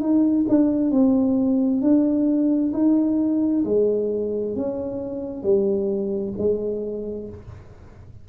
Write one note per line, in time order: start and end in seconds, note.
0.00 0.45 D#4
0.49 0.91 D4
0.91 1.81 C4
1.81 2.72 D4
2.73 3.64 D#4
3.65 4.56 G#3
4.56 5.43 C#4
5.43 6.34 G3
6.38 7.29 G#3